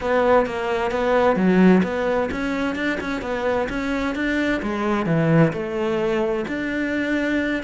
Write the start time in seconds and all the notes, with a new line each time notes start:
0.01 B3
0.46 A#3
0.91 B3
1.36 F#3
1.83 B3
2.31 C#4
2.75 D4
3.00 C#4
3.21 B3
3.69 C#4
4.15 D4
4.62 G#3
5.06 E3
5.52 A3
6.48 D4